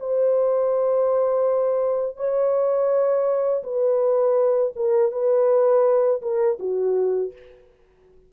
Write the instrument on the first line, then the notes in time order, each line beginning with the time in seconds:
horn
0.00 C5
2.17 C#5
3.64 B4
4.76 A#4
5.12 B4
6.22 A#4
6.60 F#4